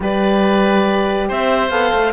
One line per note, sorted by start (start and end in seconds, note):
0.00 1.29 G3
0.00 1.71 G4
0.00 1.28 B4
0.00 1.30 D5
1.28 1.70 C4
1.28 2.13 C5
1.28 1.70 E5
1.70 1.92 B3
1.70 2.13 A4
1.70 2.13 F5
1.93 2.13 A3